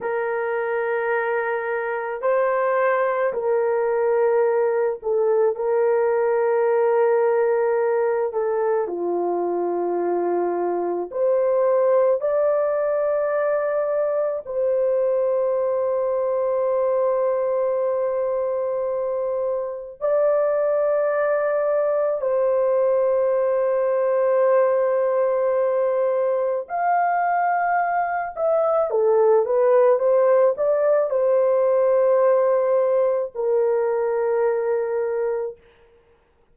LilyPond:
\new Staff \with { instrumentName = "horn" } { \time 4/4 \tempo 4 = 54 ais'2 c''4 ais'4~ | ais'8 a'8 ais'2~ ais'8 a'8 | f'2 c''4 d''4~ | d''4 c''2.~ |
c''2 d''2 | c''1 | f''4. e''8 a'8 b'8 c''8 d''8 | c''2 ais'2 | }